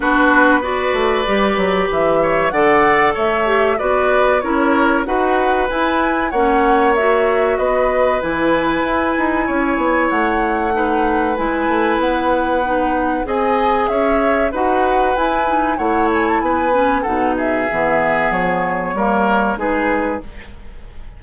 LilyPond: <<
  \new Staff \with { instrumentName = "flute" } { \time 4/4 \tempo 4 = 95 b'4 d''2 e''4 | fis''4 e''4 d''4 cis''4 | fis''4 gis''4 fis''4 e''4 | dis''4 gis''2. |
fis''2 gis''4 fis''4~ | fis''4 gis''4 e''4 fis''4 | gis''4 fis''8 gis''16 a''16 gis''4 fis''8 e''8~ | e''4 cis''2 b'4 | }
  \new Staff \with { instrumentName = "oboe" } { \time 4/4 fis'4 b'2~ b'8 cis''8 | d''4 cis''4 b'4 ais'4 | b'2 cis''2 | b'2. cis''4~ |
cis''4 b'2.~ | b'4 dis''4 cis''4 b'4~ | b'4 cis''4 b'4 a'8 gis'8~ | gis'2 ais'4 gis'4 | }
  \new Staff \with { instrumentName = "clarinet" } { \time 4/4 d'4 fis'4 g'2 | a'4. g'8 fis'4 e'4 | fis'4 e'4 cis'4 fis'4~ | fis'4 e'2.~ |
e'4 dis'4 e'2 | dis'4 gis'2 fis'4 | e'8 dis'8 e'4. cis'8 dis'4 | b2 ais4 dis'4 | }
  \new Staff \with { instrumentName = "bassoon" } { \time 4/4 b4. a8 g8 fis8 e4 | d4 a4 b4 cis'4 | dis'4 e'4 ais2 | b4 e4 e'8 dis'8 cis'8 b8 |
a2 gis8 a8 b4~ | b4 c'4 cis'4 dis'4 | e'4 a4 b4 b,4 | e4 f4 g4 gis4 | }
>>